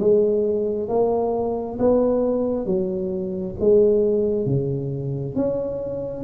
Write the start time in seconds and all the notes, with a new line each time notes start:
0.00 G#3
0.89 A#3
1.79 B3
2.66 F#3
3.60 G#3
4.46 C#3
5.36 C#4